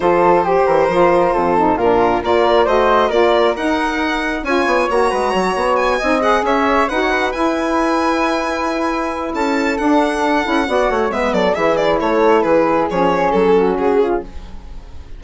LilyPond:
<<
  \new Staff \with { instrumentName = "violin" } { \time 4/4 \tempo 4 = 135 c''1 | ais'4 d''4 dis''4 d''4 | fis''2 gis''4 ais''4~ | ais''4 gis''4 fis''8 e''4 fis''8~ |
fis''8 gis''2.~ gis''8~ | gis''4 a''4 fis''2~ | fis''4 e''8 d''8 e''8 d''8 cis''4 | b'4 cis''4 a'4 gis'4 | }
  \new Staff \with { instrumentName = "flute" } { \time 4/4 a'4 g'8 ais'4. a'4 | f'4 ais'4 c''4 ais'4~ | ais'2 cis''4. b'8 | cis''4. dis''4 cis''4 b'16 cis''16 |
b'1~ | b'4 a'2. | d''8 cis''8 b'8 a'8 gis'4 a'4 | gis'2~ gis'8 fis'4 f'8 | }
  \new Staff \with { instrumentName = "saxophone" } { \time 4/4 f'4 g'4 f'4. dis'8 | d'4 f'4 fis'4 f'4 | dis'2 f'4 fis'4~ | fis'4. dis'8 gis'4. fis'8~ |
fis'8 e'2.~ e'8~ | e'2 d'4. e'8 | fis'4 b4 e'2~ | e'4 cis'2. | }
  \new Staff \with { instrumentName = "bassoon" } { \time 4/4 f4. e8 f4 f,4 | ais,4 ais4 a4 ais4 | dis'2 cis'8 b8 ais8 gis8 | fis8 b4 c'4 cis'4 dis'8~ |
dis'8 e'2.~ e'8~ | e'4 cis'4 d'4. cis'8 | b8 a8 gis8 fis8 e4 a4 | e4 f4 fis4 cis4 | }
>>